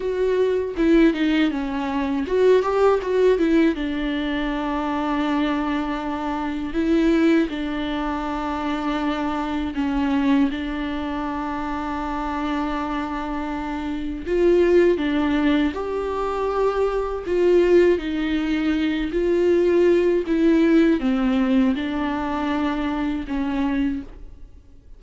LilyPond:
\new Staff \with { instrumentName = "viola" } { \time 4/4 \tempo 4 = 80 fis'4 e'8 dis'8 cis'4 fis'8 g'8 | fis'8 e'8 d'2.~ | d'4 e'4 d'2~ | d'4 cis'4 d'2~ |
d'2. f'4 | d'4 g'2 f'4 | dis'4. f'4. e'4 | c'4 d'2 cis'4 | }